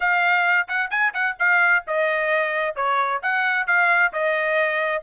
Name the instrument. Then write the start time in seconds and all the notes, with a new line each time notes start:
trumpet
0.00 F5
0.68 F#5
0.90 G#5
1.13 F#5
1.39 F5
1.87 D#5
2.75 C#5
3.22 F#5
3.66 F5
4.12 D#5